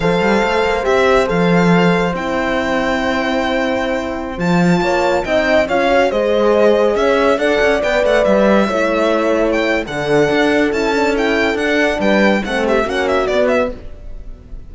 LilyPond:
<<
  \new Staff \with { instrumentName = "violin" } { \time 4/4 \tempo 4 = 140 f''2 e''4 f''4~ | f''4 g''2.~ | g''2~ g''16 a''4.~ a''16~ | a''16 g''4 f''4 dis''4.~ dis''16~ |
dis''16 e''4 fis''4 g''8 fis''8 e''8.~ | e''2~ e''16 g''8. fis''4~ | fis''4 a''4 g''4 fis''4 | g''4 fis''8 e''8 fis''8 e''8 d''8 e''8 | }
  \new Staff \with { instrumentName = "horn" } { \time 4/4 c''1~ | c''1~ | c''2.~ c''16 cis''8.~ | cis''16 dis''4 cis''4 c''4.~ c''16~ |
c''16 cis''4 d''2~ d''8.~ | d''16 cis''2~ cis''8. a'4~ | a'1 | b'4 a'8 g'8 fis'2 | }
  \new Staff \with { instrumentName = "horn" } { \time 4/4 a'2 g'4 a'4~ | a'4 e'2.~ | e'2~ e'16 f'4.~ f'16~ | f'16 dis'4 f'8 fis'8 gis'4.~ gis'16~ |
gis'4~ gis'16 a'4 b'4.~ b'16~ | b'16 e'2~ e'8. d'4~ | d'4 e'8 d'8 e'4 d'4~ | d'4 c'4 cis'4 b4 | }
  \new Staff \with { instrumentName = "cello" } { \time 4/4 f8 g8 a8 ais8 c'4 f4~ | f4 c'2.~ | c'2~ c'16 f4 ais8.~ | ais16 c'4 cis'4 gis4.~ gis16~ |
gis16 cis'4 d'8 cis'8 b8 a8 g8.~ | g16 a2~ a8. d4 | d'4 cis'2 d'4 | g4 a4 ais4 b4 | }
>>